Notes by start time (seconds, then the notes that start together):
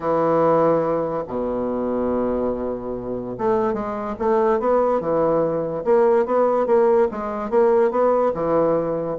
0.00 E3
1.27 B2
3.38 A3
3.73 G#3
4.18 A3
4.59 B3
5.00 E3
5.84 A#3
6.25 B3
6.66 A#3
7.11 G#3
7.50 A#3
7.91 B3
8.33 E3